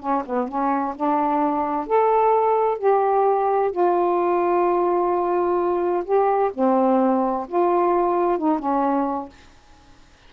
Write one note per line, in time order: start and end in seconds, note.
0.00 0.23 C#4
0.26 0.48 B3
0.48 0.95 C#4
0.96 1.87 D4
1.87 2.79 A4
2.79 3.72 G4
3.72 6.04 F4
6.05 6.51 G4
6.54 7.47 C4
7.49 8.39 F4
8.39 8.59 D#4
8.59 9.29 C#4